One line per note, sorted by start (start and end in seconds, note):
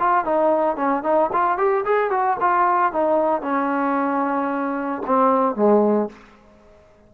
0.00 0.25 F4
0.25 0.77 D#4
0.77 1.04 C#4
1.04 1.31 D#4
1.33 1.58 F4
1.58 1.85 G4
1.86 2.11 G#4
2.11 2.38 F#4
2.41 2.93 F4
2.93 3.42 D#4
3.42 5.03 C#4
5.07 5.56 C4
5.56 6.10 G#3